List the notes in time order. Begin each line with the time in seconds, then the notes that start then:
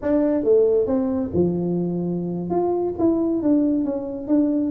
0.01 D4
0.43 A3
0.86 C4
1.33 F3
2.50 F4
2.99 E4
3.42 D4
3.84 C#4
4.27 D4